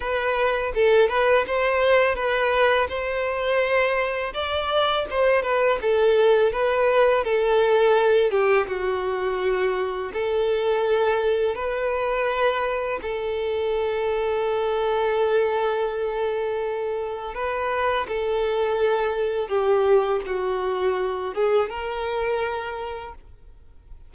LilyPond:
\new Staff \with { instrumentName = "violin" } { \time 4/4 \tempo 4 = 83 b'4 a'8 b'8 c''4 b'4 | c''2 d''4 c''8 b'8 | a'4 b'4 a'4. g'8 | fis'2 a'2 |
b'2 a'2~ | a'1 | b'4 a'2 g'4 | fis'4. gis'8 ais'2 | }